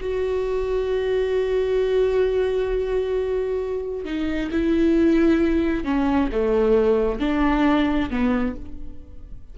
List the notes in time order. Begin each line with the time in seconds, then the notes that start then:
0.00 F#4
4.05 D#4
4.52 E4
5.84 C#4
6.32 A3
7.20 D4
8.10 B3